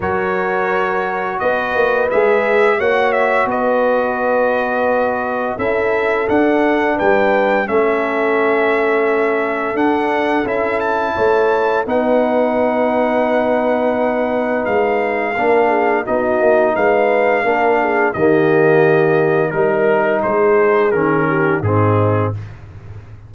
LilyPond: <<
  \new Staff \with { instrumentName = "trumpet" } { \time 4/4 \tempo 4 = 86 cis''2 dis''4 e''4 | fis''8 e''8 dis''2. | e''4 fis''4 g''4 e''4~ | e''2 fis''4 e''8 a''8~ |
a''4 fis''2.~ | fis''4 f''2 dis''4 | f''2 dis''2 | ais'4 c''4 ais'4 gis'4 | }
  \new Staff \with { instrumentName = "horn" } { \time 4/4 ais'2 b'2 | cis''4 b'2. | a'2 b'4 a'4~ | a'1 |
cis''4 b'2.~ | b'2 ais'8 gis'8 fis'4 | b'4 ais'8 gis'8 g'2 | ais'4 gis'4. g'8 dis'4 | }
  \new Staff \with { instrumentName = "trombone" } { \time 4/4 fis'2. gis'4 | fis'1 | e'4 d'2 cis'4~ | cis'2 d'4 e'4~ |
e'4 dis'2.~ | dis'2 d'4 dis'4~ | dis'4 d'4 ais2 | dis'2 cis'4 c'4 | }
  \new Staff \with { instrumentName = "tuba" } { \time 4/4 fis2 b8 ais8 gis4 | ais4 b2. | cis'4 d'4 g4 a4~ | a2 d'4 cis'4 |
a4 b2.~ | b4 gis4 ais4 b8 ais8 | gis4 ais4 dis2 | g4 gis4 dis4 gis,4 | }
>>